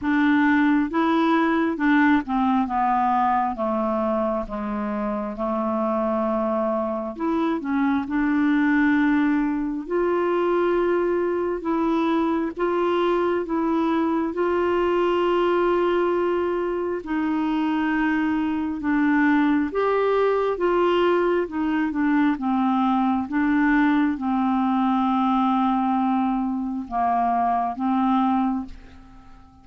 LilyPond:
\new Staff \with { instrumentName = "clarinet" } { \time 4/4 \tempo 4 = 67 d'4 e'4 d'8 c'8 b4 | a4 gis4 a2 | e'8 cis'8 d'2 f'4~ | f'4 e'4 f'4 e'4 |
f'2. dis'4~ | dis'4 d'4 g'4 f'4 | dis'8 d'8 c'4 d'4 c'4~ | c'2 ais4 c'4 | }